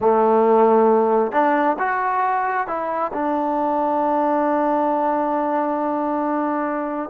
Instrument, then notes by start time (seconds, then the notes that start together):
trombone
0.00 A3
1.32 D4
1.78 F#4
2.67 E4
3.13 D4